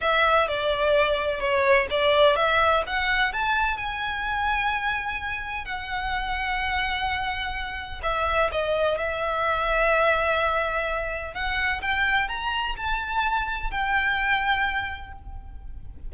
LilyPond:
\new Staff \with { instrumentName = "violin" } { \time 4/4 \tempo 4 = 127 e''4 d''2 cis''4 | d''4 e''4 fis''4 a''4 | gis''1 | fis''1~ |
fis''4 e''4 dis''4 e''4~ | e''1 | fis''4 g''4 ais''4 a''4~ | a''4 g''2. | }